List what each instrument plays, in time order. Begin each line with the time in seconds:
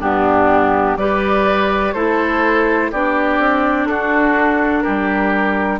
0.00 bassoon G2, clarinet B3, oboe D4, flute G4
0.96 bassoon G3, clarinet G4, oboe B4, flute D5
1.93 bassoon A3, clarinet E4, oboe A4, flute C5
2.91 bassoon B3, clarinet D4, oboe G4, flute D5
3.39 bassoon C4
3.86 bassoon D4, oboe F#4, flute A4
4.82 bassoon G3, oboe G4, flute A#4